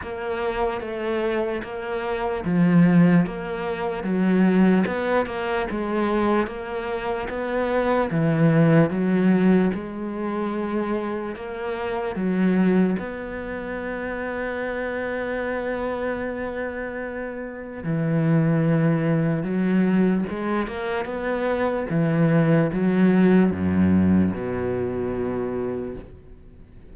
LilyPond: \new Staff \with { instrumentName = "cello" } { \time 4/4 \tempo 4 = 74 ais4 a4 ais4 f4 | ais4 fis4 b8 ais8 gis4 | ais4 b4 e4 fis4 | gis2 ais4 fis4 |
b1~ | b2 e2 | fis4 gis8 ais8 b4 e4 | fis4 fis,4 b,2 | }